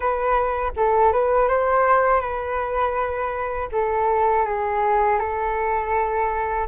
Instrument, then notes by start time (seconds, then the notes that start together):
flute
0.00 B4
0.76 A4
1.12 B4
1.48 C5
2.20 B4
3.72 A4
4.45 G#4
5.19 A4